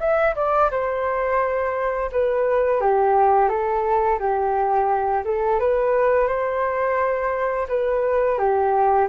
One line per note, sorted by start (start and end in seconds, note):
0.00 0.35 E5
0.36 0.71 D5
0.71 2.11 C5
2.12 2.81 B4
2.81 3.49 G4
3.49 4.19 A4
4.20 5.24 G4
5.25 5.60 A4
5.60 6.28 B4
6.28 7.67 C5
7.69 8.38 B4
8.38 9.08 G4